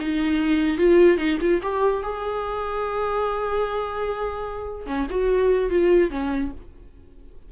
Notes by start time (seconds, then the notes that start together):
0.00 D#4
0.78 F4
1.18 D#4
1.41 F4
1.63 G4
2.03 G#4
4.87 C#4
5.10 F#4
5.70 F4
6.11 C#4